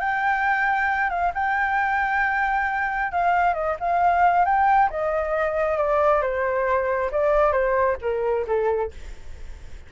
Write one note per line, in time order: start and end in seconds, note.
0.00 1.10 G5
1.10 1.32 F5
1.34 3.12 G5
3.12 3.54 F5
3.54 3.76 D#5
3.80 4.45 F5
4.45 4.90 G5
4.90 5.78 D#5
5.78 6.22 D5
6.22 7.11 C5
7.12 7.53 D5
7.53 7.97 C5
8.02 8.46 A#4
8.47 8.92 A4